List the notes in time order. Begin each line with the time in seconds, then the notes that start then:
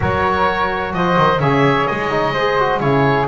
0.00 F#3 F#4 A#4 C#5
0.93 F3 C5 D#5
1.17 D#3
1.39 C#3 G#4 C#5 E5
1.87 G#3 D#5
2.10 D#4
2.33 G#4 C5
2.59 F#4
2.80 C#3 E4 G#4 C#5